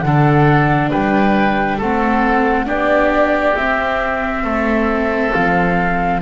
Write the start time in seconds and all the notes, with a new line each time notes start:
0.00 D3 D4 A4 F#5
0.90 G3 B4 G5
1.77 A3 C4 A4 F#5
2.65 B3 D4 G4 D5
3.56 C4 E5
4.43 A3 A4
5.32 F3 F5